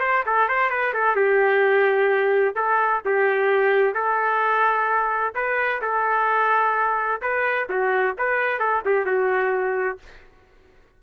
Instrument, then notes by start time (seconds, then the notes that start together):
trumpet
0.00 C5
0.26 A4
0.48 C5
0.70 B4
0.93 A4
1.16 G4
2.55 A4
3.05 G4
3.94 A4
5.35 B4
5.82 A4
7.22 B4
7.69 F#4
8.18 B4
8.59 A4
8.85 G4
9.05 F#4